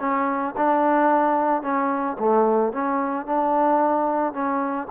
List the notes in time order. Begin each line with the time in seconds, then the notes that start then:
0.00 C#4
0.57 D4
1.62 C#4
2.19 A3
2.73 C#4
3.26 D4
4.33 C#4